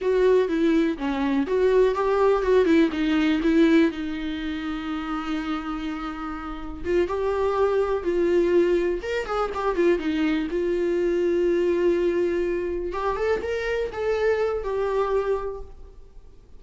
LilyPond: \new Staff \with { instrumentName = "viola" } { \time 4/4 \tempo 4 = 123 fis'4 e'4 cis'4 fis'4 | g'4 fis'8 e'8 dis'4 e'4 | dis'1~ | dis'2 f'8 g'4.~ |
g'8 f'2 ais'8 gis'8 g'8 | f'8 dis'4 f'2~ f'8~ | f'2~ f'8 g'8 a'8 ais'8~ | ais'8 a'4. g'2 | }